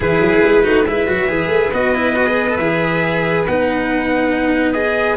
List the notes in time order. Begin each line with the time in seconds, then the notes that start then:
0.00 E3 E4 G#4 B4
0.20 F#3
0.44 G#3
0.62 A3 D#4 F#4
0.86 G#3 E4 B4 E5
1.07 F#3 F#4
1.28 E3 G#4
1.47 A3
1.73 B3 F#4 D#5
1.94 E4
2.15 F#4
2.26 G#4
2.48 A4
2.56 E3 G#4 E5
3.46 B3 D#4 F#5
4.72 G#4 D#5